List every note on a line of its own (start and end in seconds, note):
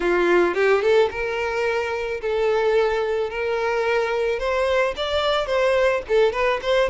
0.00 0.54 F4
0.54 0.81 G4
0.81 1.09 A4
1.10 2.20 A#4
2.21 3.30 A4
3.30 4.39 A#4
4.39 4.94 C5
4.96 5.46 D5
5.46 6.01 C5
6.08 6.32 A4
6.32 6.60 B4
6.62 6.89 C5